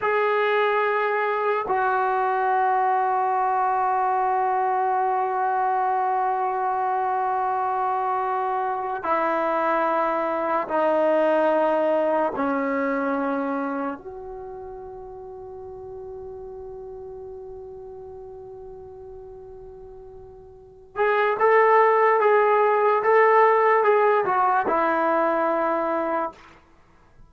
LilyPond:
\new Staff \with { instrumentName = "trombone" } { \time 4/4 \tempo 4 = 73 gis'2 fis'2~ | fis'1~ | fis'2. e'4~ | e'4 dis'2 cis'4~ |
cis'4 fis'2.~ | fis'1~ | fis'4. gis'8 a'4 gis'4 | a'4 gis'8 fis'8 e'2 | }